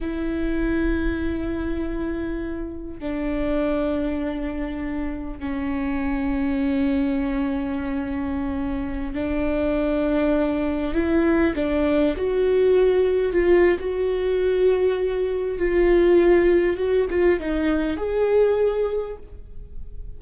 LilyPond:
\new Staff \with { instrumentName = "viola" } { \time 4/4 \tempo 4 = 100 e'1~ | e'4 d'2.~ | d'4 cis'2.~ | cis'2.~ cis'16 d'8.~ |
d'2~ d'16 e'4 d'8.~ | d'16 fis'2 f'8. fis'4~ | fis'2 f'2 | fis'8 f'8 dis'4 gis'2 | }